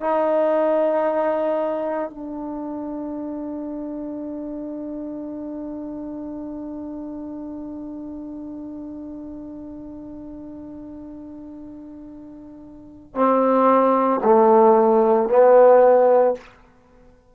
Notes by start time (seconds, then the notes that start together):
0.00 D#4
2.10 D4
13.14 C4
14.23 A3
15.29 B3